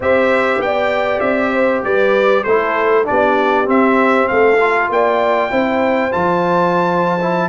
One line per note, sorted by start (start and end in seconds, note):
0.00 0.58 C4
0.00 2.46 G4
0.00 0.63 C5
0.00 0.61 E5
0.58 1.19 B3
0.58 1.20 G5
0.64 1.53 D5
1.20 1.83 C4
1.20 1.81 E5
1.53 1.83 C5
1.84 2.45 G3
1.84 2.44 B4
1.84 2.43 D5
2.43 3.08 A3
2.43 3.04 E4
2.43 3.05 A4
2.43 3.04 C5
3.04 3.68 B3
3.04 3.65 D4
3.04 4.31 G4
3.04 3.67 D5
3.65 4.56 C4
3.65 4.29 C4
3.65 4.28 E5
4.28 4.89 A3
4.28 4.92 A4
4.28 4.89 F5
4.60 5.50 F4
4.89 5.50 A#3
4.89 5.51 D5
4.89 6.12 G5
5.50 6.13 C4
5.50 6.11 E4
5.50 7.49 C5
6.11 7.49 F3
6.11 7.18 F4
6.11 7.49 A5
7.21 7.49 E4